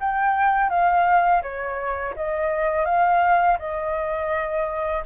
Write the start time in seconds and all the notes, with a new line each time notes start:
0.00 G5
0.69 F5
1.42 C#5
2.16 D#5
2.85 F5
3.58 D#5